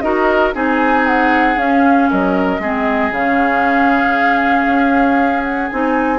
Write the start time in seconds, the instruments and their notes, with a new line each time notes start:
0.00 bassoon D#4, clarinet F#4, oboe A#4, flute D#5
0.53 bassoon C4, clarinet D#4, oboe G#4, flute G#5
1.06 flute F#5
1.56 bassoon C#4, clarinet C#4, flute F5
2.10 bassoon F#3, oboe A#4, flute D#5
2.59 bassoon G#3, clarinet C4, oboe G#4
3.11 bassoon C#3, clarinet C#4, flute F5
4.66 bassoon C#4
5.43 flute F#5
5.69 bassoon C4, clarinet D#4, flute G#5